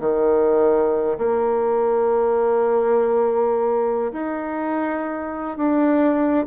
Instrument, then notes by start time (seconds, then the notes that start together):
bassoon
0.00 D#3
1.18 A#3
4.13 D#4
5.57 D4